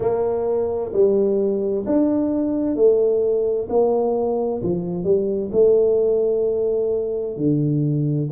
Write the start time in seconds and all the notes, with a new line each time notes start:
0.00 A#3
0.92 G3
1.86 D4
2.75 A3
3.69 A#3
4.62 F3
5.03 G3
5.52 A3
7.36 D3